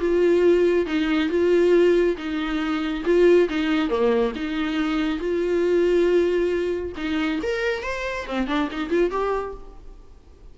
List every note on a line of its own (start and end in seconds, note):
0.00 0.86 F4
0.86 1.29 D#4
1.29 2.16 F4
2.17 3.04 D#4
3.05 3.48 F4
3.49 3.89 D#4
3.89 4.33 A#3
4.36 5.19 D#4
5.19 6.93 F4
6.97 7.40 D#4
7.43 7.83 A#4
7.83 8.26 C5
8.27 8.47 C4
8.47 8.69 D4
8.71 8.90 D#4
8.90 9.11 F4
9.11 9.54 G4